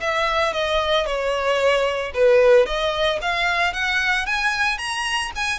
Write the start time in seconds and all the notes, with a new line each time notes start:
0.00 E5
0.53 D#5
1.05 C#5
2.14 B4
2.66 D#5
3.21 F5
3.73 F#5
4.26 G#5
4.78 A#5
5.35 G#5